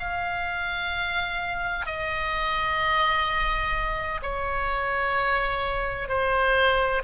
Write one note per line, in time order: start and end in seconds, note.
0.00 1.87 F5
1.87 4.21 D#5
4.23 6.09 C#5
6.09 7.03 C5